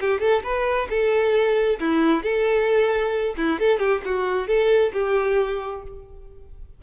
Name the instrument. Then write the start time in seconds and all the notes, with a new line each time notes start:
violin
0.00 G4
0.20 A4
0.43 B4
0.90 A4
1.79 E4
2.23 A4
3.37 E4
3.59 A4
3.79 G4
4.05 F#4
4.47 A4
4.93 G4